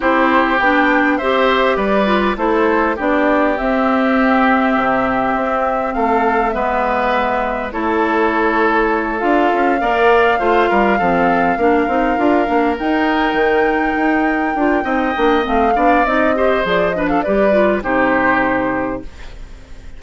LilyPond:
<<
  \new Staff \with { instrumentName = "flute" } { \time 4/4 \tempo 4 = 101 c''4 g''4 e''4 d''4 | c''4 d''4 e''2~ | e''2 f''4 e''4~ | e''4 cis''2~ cis''8 f''8~ |
f''1~ | f''4. g''2~ g''8~ | g''2 f''4 dis''4 | d''8 dis''16 f''16 d''4 c''2 | }
  \new Staff \with { instrumentName = "oboe" } { \time 4/4 g'2 c''4 b'4 | a'4 g'2.~ | g'2 a'4 b'4~ | b'4 a'2.~ |
a'8 d''4 c''8 ais'8 a'4 ais'8~ | ais'1~ | ais'4 dis''4. d''4 c''8~ | c''8 b'16 a'16 b'4 g'2 | }
  \new Staff \with { instrumentName = "clarinet" } { \time 4/4 e'4 d'4 g'4. f'8 | e'4 d'4 c'2~ | c'2. b4~ | b4 e'2~ e'8 f'8~ |
f'8 ais'4 f'4 c'4 d'8 | dis'8 f'8 d'8 dis'2~ dis'8~ | dis'8 f'8 dis'8 d'8 c'8 d'8 dis'8 g'8 | gis'8 d'8 g'8 f'8 dis'2 | }
  \new Staff \with { instrumentName = "bassoon" } { \time 4/4 c'4 b4 c'4 g4 | a4 b4 c'2 | c4 c'4 a4 gis4~ | gis4 a2~ a8 d'8 |
cis'8 ais4 a8 g8 f4 ais8 | c'8 d'8 ais8 dis'4 dis4 dis'8~ | dis'8 d'8 c'8 ais8 a8 b8 c'4 | f4 g4 c2 | }
>>